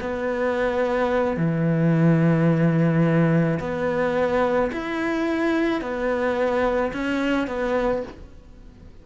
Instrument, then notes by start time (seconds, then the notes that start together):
cello
0.00 B3
1.36 E3
3.59 B3
4.72 E4
5.81 B3
6.93 C#4
7.47 B3